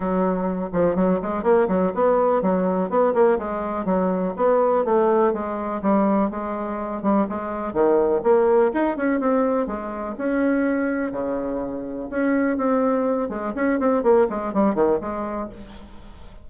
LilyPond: \new Staff \with { instrumentName = "bassoon" } { \time 4/4 \tempo 4 = 124 fis4. f8 fis8 gis8 ais8 fis8 | b4 fis4 b8 ais8 gis4 | fis4 b4 a4 gis4 | g4 gis4. g8 gis4 |
dis4 ais4 dis'8 cis'8 c'4 | gis4 cis'2 cis4~ | cis4 cis'4 c'4. gis8 | cis'8 c'8 ais8 gis8 g8 dis8 gis4 | }